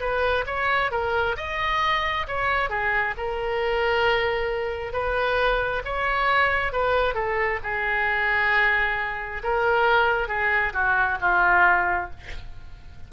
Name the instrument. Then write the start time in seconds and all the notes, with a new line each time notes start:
oboe
0.00 B4
0.46 C#5
0.91 A#4
1.36 D#5
2.27 C#5
2.69 G#4
3.17 A#4
4.93 B4
5.85 C#5
6.72 B4
7.14 A4
7.63 G#4
9.43 A#4
10.28 G#4
10.73 F#4
11.21 F4